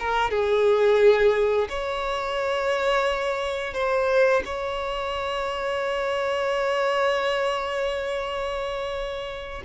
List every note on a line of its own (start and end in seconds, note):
0.00 0.30 A#4
0.30 1.68 G#4
1.69 3.74 C#5
3.74 4.43 C5
4.45 9.63 C#5